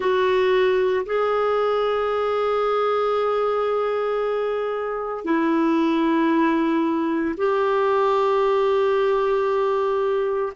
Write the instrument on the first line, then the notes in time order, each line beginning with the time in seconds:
clarinet
0.00 F#4
1.05 G#4
5.24 E4
7.37 G4